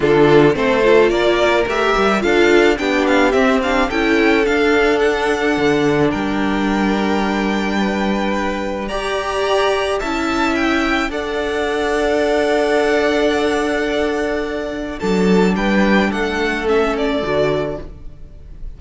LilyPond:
<<
  \new Staff \with { instrumentName = "violin" } { \time 4/4 \tempo 4 = 108 a'4 c''4 d''4 e''4 | f''4 g''8 f''8 e''8 f''8 g''4 | f''4 fis''2 g''4~ | g''1 |
ais''2 a''4 g''4 | fis''1~ | fis''2. a''4 | g''4 fis''4 e''8 d''4. | }
  \new Staff \with { instrumentName = "violin" } { \time 4/4 f'4 a'4 ais'2 | a'4 g'2 a'4~ | a'2. ais'4~ | ais'2 b'2 |
d''2 e''2 | d''1~ | d''2. a'4 | b'4 a'2. | }
  \new Staff \with { instrumentName = "viola" } { \time 4/4 d'4 c'8 f'4. g'4 | f'4 d'4 c'8 d'8 e'4 | d'1~ | d'1 |
g'2 e'2 | a'1~ | a'2. d'4~ | d'2 cis'4 fis'4 | }
  \new Staff \with { instrumentName = "cello" } { \time 4/4 d4 a4 ais4 a8 g8 | d'4 b4 c'4 cis'4 | d'2 d4 g4~ | g1 |
g'2 cis'2 | d'1~ | d'2. fis4 | g4 a2 d4 | }
>>